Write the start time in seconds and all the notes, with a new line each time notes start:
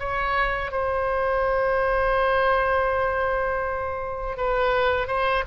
0.00 C#5
0.72 C5
4.37 B4
5.08 C5